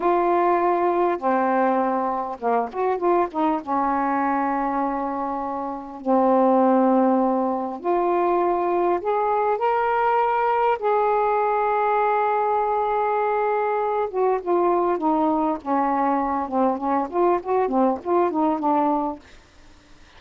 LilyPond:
\new Staff \with { instrumentName = "saxophone" } { \time 4/4 \tempo 4 = 100 f'2 c'2 | ais8 fis'8 f'8 dis'8 cis'2~ | cis'2 c'2~ | c'4 f'2 gis'4 |
ais'2 gis'2~ | gis'2.~ gis'8 fis'8 | f'4 dis'4 cis'4. c'8 | cis'8 f'8 fis'8 c'8 f'8 dis'8 d'4 | }